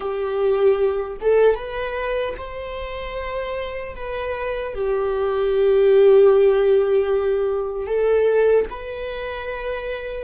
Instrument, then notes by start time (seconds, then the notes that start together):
viola
0.00 G4
1.21 A4
1.55 B4
2.37 C5
3.95 B4
4.74 G4
7.86 A4
8.69 B4